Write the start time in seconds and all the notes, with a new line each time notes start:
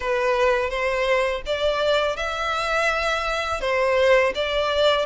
0.00 B4
0.69 C5
1.46 D5
2.16 E5
3.60 C5
4.34 D5